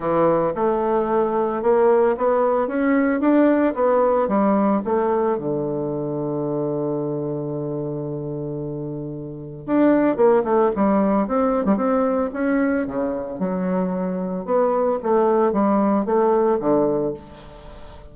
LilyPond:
\new Staff \with { instrumentName = "bassoon" } { \time 4/4 \tempo 4 = 112 e4 a2 ais4 | b4 cis'4 d'4 b4 | g4 a4 d2~ | d1~ |
d2 d'4 ais8 a8 | g4 c'8. g16 c'4 cis'4 | cis4 fis2 b4 | a4 g4 a4 d4 | }